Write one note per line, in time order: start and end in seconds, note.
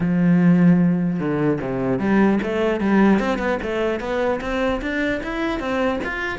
0.00 1.19 F3
1.19 1.59 D3
1.61 1.99 C3
1.99 2.39 G3
2.43 2.80 A3
2.80 3.19 G3
3.19 3.38 C4
3.38 3.58 B3
3.62 4.00 A3
4.00 4.40 B3
4.40 4.80 C4
4.81 5.21 D4
5.23 5.59 E4
5.59 5.99 C4
6.03 6.38 F4